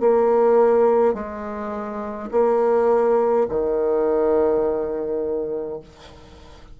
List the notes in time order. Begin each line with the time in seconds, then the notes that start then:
0.00 A#3
1.14 G#3
2.31 A#3
3.49 D#3